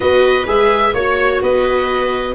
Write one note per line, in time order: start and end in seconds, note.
0.00 0.46 B3
0.00 0.45 F#4
0.00 0.93 B4
0.00 0.47 D#5
0.46 0.93 G#3
0.46 0.94 G#4
0.46 0.94 E5
0.93 1.41 A#3
0.93 2.34 F#4
0.93 1.41 C#5
1.42 2.34 B3
1.42 2.34 B4
1.42 2.34 D#5